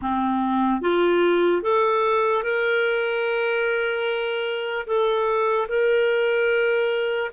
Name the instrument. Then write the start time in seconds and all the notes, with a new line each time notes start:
clarinet
0.01 C4
0.81 F4
1.62 A4
2.43 A#4
4.86 A4
5.68 A#4